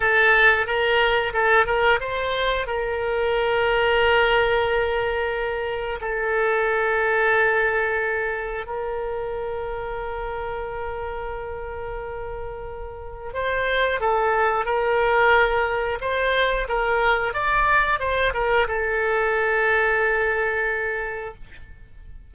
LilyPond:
\new Staff \with { instrumentName = "oboe" } { \time 4/4 \tempo 4 = 90 a'4 ais'4 a'8 ais'8 c''4 | ais'1~ | ais'4 a'2.~ | a'4 ais'2.~ |
ais'1 | c''4 a'4 ais'2 | c''4 ais'4 d''4 c''8 ais'8 | a'1 | }